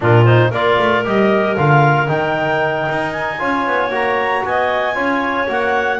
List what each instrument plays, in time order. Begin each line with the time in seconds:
0.00 double bass A#2, trombone D4, clarinet F4 A#4
0.25 trombone D#4, clarinet C5
0.49 double bass A#3, trombone F4, clarinet A#4 D5
0.78 double bass A3
1.04 double bass G3, trombone G4, clarinet D#5
1.56 double bass D3, trombone F4, clarinet F5
2.07 double bass D#3, trombone D#4, clarinet G5
2.89 double bass D#4
3.12 clarinet G#5
3.39 double bass C#4, trombone F4, clarinet C#5
3.66 double bass B3
3.89 double bass A#3, trombone F#4, clarinet A#5
4.44 double bass B3, clarinet D#5 G#5
4.94 double bass C#4, trombone F4, clarinet C#5
5.47 double bass A#3, trombone F#4, clarinet F#5